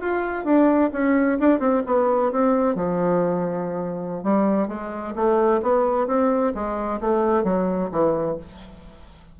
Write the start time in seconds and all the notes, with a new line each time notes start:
0.00 F4
0.44 D4
0.92 C#4
1.39 D4
1.59 C4
1.86 B3
2.32 C4
2.75 F3
4.23 G3
4.68 G#3
5.15 A3
5.62 B3
6.07 C4
6.54 G#3
7.00 A3
7.43 F#3
7.91 E3